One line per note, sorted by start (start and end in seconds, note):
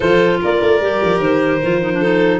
0.00 0.40 F3
0.00 0.81 F4
0.00 0.40 A4
0.00 0.39 C5
0.40 0.61 A#3
0.40 1.99 A#4
0.40 1.21 D5
0.61 0.80 A3
0.80 1.00 G3
0.80 1.61 G4
1.03 1.19 F3
1.19 1.59 D#3
1.19 2.40 C5
1.62 2.40 F3
1.62 1.81 F4
1.81 1.91 D#4
1.93 2.02 D4
1.99 2.40 D#4
1.99 2.39 A4